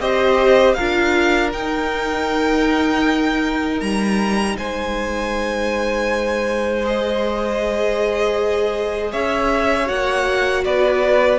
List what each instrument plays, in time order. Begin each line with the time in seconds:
0.00 cello C4, viola G4, violin C5 D#5
0.74 cello D4, viola F4, violin A#4 F5
1.53 viola D#4, cello D#4, violin G5
3.80 cello G3, violin A#5
4.58 cello G#3, violin C5 G#5
6.83 viola G#4, violin D#5
9.12 cello C#4, violin C#5 E5
9.86 cello A#3, viola F#4, violin F#5
10.65 cello B3, violin B4 D5